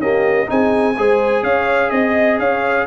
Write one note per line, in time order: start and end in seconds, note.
0.00 0.47 A#3
0.00 0.48 C#4
0.00 0.49 G4
0.00 0.49 D#5
0.47 0.98 C4
0.47 0.94 D#4
0.47 0.98 G#4
0.47 1.44 G#5
0.98 1.43 G#3
0.98 2.87 G#4
0.98 1.44 C5
1.43 1.91 C#4
1.43 1.92 C#5
1.43 1.91 F5
1.91 2.39 C4
1.91 2.38 D#5
1.91 2.40 D#5
2.39 2.87 C#4
2.39 2.87 C#5
2.39 2.87 F5